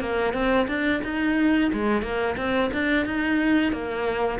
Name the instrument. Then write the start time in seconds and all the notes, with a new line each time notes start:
cello
0.00 A#3
0.33 C4
0.68 D4
1.03 D#4
1.73 G#3
2.02 A#3
2.37 C4
2.73 D4
3.06 D#4
3.72 A#3